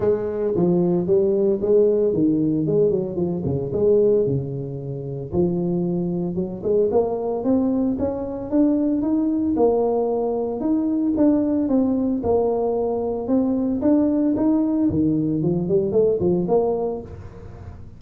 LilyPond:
\new Staff \with { instrumentName = "tuba" } { \time 4/4 \tempo 4 = 113 gis4 f4 g4 gis4 | dis4 gis8 fis8 f8 cis8 gis4 | cis2 f2 | fis8 gis8 ais4 c'4 cis'4 |
d'4 dis'4 ais2 | dis'4 d'4 c'4 ais4~ | ais4 c'4 d'4 dis'4 | dis4 f8 g8 a8 f8 ais4 | }